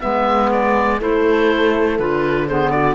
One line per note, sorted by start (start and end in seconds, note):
0.00 1.01 G#3
0.00 0.98 B3
0.00 0.99 B4
0.00 0.50 E5
0.51 1.01 D5
0.99 1.98 A3
0.99 1.98 E4
0.99 2.46 A4
0.99 1.99 C5
1.98 2.94 D3
1.98 2.48 F4
1.98 2.47 B4
2.47 2.94 B3
2.47 2.72 G#4
2.47 2.71 C5
2.71 2.94 F#4
2.71 2.94 D5